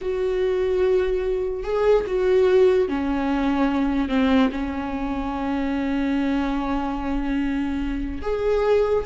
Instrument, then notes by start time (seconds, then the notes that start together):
viola
0.01 F#4
1.63 G#4
2.06 F#4
2.88 C#4
4.08 C4
4.51 C#4
8.22 G#4